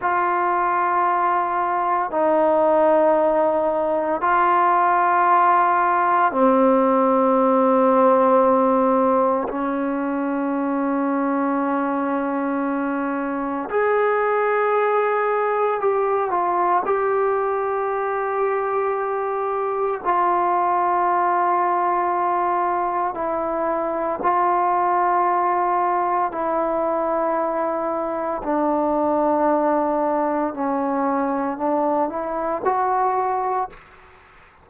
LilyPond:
\new Staff \with { instrumentName = "trombone" } { \time 4/4 \tempo 4 = 57 f'2 dis'2 | f'2 c'2~ | c'4 cis'2.~ | cis'4 gis'2 g'8 f'8 |
g'2. f'4~ | f'2 e'4 f'4~ | f'4 e'2 d'4~ | d'4 cis'4 d'8 e'8 fis'4 | }